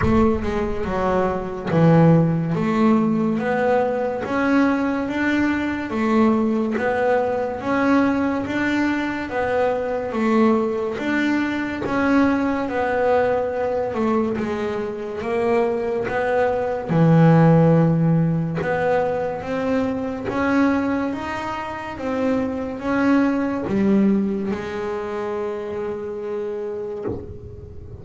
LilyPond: \new Staff \with { instrumentName = "double bass" } { \time 4/4 \tempo 4 = 71 a8 gis8 fis4 e4 a4 | b4 cis'4 d'4 a4 | b4 cis'4 d'4 b4 | a4 d'4 cis'4 b4~ |
b8 a8 gis4 ais4 b4 | e2 b4 c'4 | cis'4 dis'4 c'4 cis'4 | g4 gis2. | }